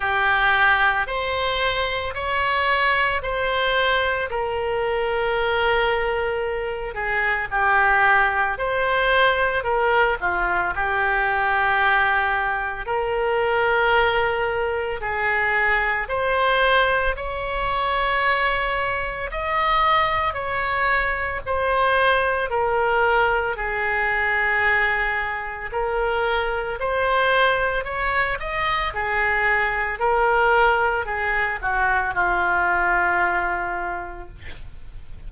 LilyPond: \new Staff \with { instrumentName = "oboe" } { \time 4/4 \tempo 4 = 56 g'4 c''4 cis''4 c''4 | ais'2~ ais'8 gis'8 g'4 | c''4 ais'8 f'8 g'2 | ais'2 gis'4 c''4 |
cis''2 dis''4 cis''4 | c''4 ais'4 gis'2 | ais'4 c''4 cis''8 dis''8 gis'4 | ais'4 gis'8 fis'8 f'2 | }